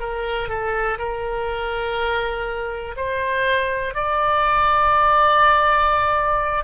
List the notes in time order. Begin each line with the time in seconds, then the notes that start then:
0.00 A#4
0.49 A4
0.99 A#4
2.97 C5
3.94 D5